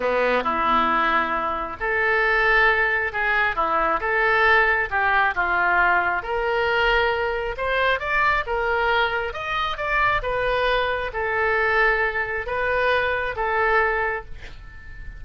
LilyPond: \new Staff \with { instrumentName = "oboe" } { \time 4/4 \tempo 4 = 135 b4 e'2. | a'2. gis'4 | e'4 a'2 g'4 | f'2 ais'2~ |
ais'4 c''4 d''4 ais'4~ | ais'4 dis''4 d''4 b'4~ | b'4 a'2. | b'2 a'2 | }